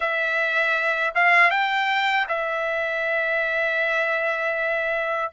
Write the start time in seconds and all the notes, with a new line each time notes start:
0.00 E5
1.15 F5
1.50 G5
2.28 E5